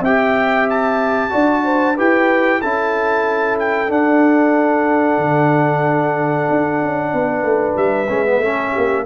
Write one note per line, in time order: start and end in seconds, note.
0.00 1.29 C4
0.00 1.29 G4
0.00 1.30 E5
0.00 0.68 G5
0.69 1.98 A5
1.29 1.98 D4
1.29 1.94 F#4
1.29 1.63 D5
1.64 1.95 C5
1.95 2.62 E4
1.95 2.61 G4
1.95 2.60 B4
1.95 2.61 G5
2.61 3.90 C#4
2.61 3.87 E4
2.61 7.12 A4
2.61 3.58 A5
3.59 3.91 G5
3.87 8.07 D4
3.87 5.17 D4
3.87 7.76 F#5
5.17 6.47 D3
6.49 6.81 D4
6.81 7.12 C#4
7.12 7.42 B3
7.12 8.42 B4
7.42 7.75 A3
7.76 8.08 G3
7.76 9.05 E5
8.09 8.38 G#3
8.09 8.25 C#4
8.25 8.41 B3
8.38 8.71 A3
8.38 9.06 C#4
8.38 8.71 A4
8.71 9.06 A#3
8.71 9.03 G4